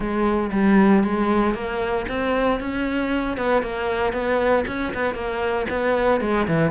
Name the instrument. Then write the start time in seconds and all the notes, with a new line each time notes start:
cello
0.00 G#3
0.51 G3
1.03 G#3
1.54 A#3
2.08 C4
2.60 C#4
3.37 B3
3.62 A#3
4.12 B3
4.67 C#4
4.93 B3
5.14 A#3
5.69 B3
6.20 G#3
6.47 E3